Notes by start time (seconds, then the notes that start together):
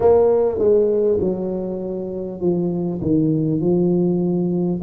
0.00 A#3
0.58 G#3
1.20 F#3
2.40 F3
3.01 D#3
3.61 F3